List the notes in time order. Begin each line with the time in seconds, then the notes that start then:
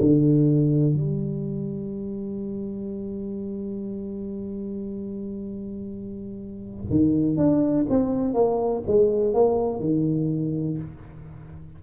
0.00 D3
0.94 G3
6.89 D#3
7.37 D4
7.89 C4
8.33 A#3
8.87 G#3
9.34 A#3
9.80 D#3